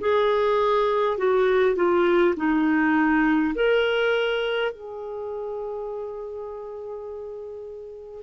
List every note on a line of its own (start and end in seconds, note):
0.00 1.18 G#4
1.18 1.75 F#4
1.75 2.34 F4
2.36 3.54 D#4
3.55 4.72 A#4
4.72 8.23 G#4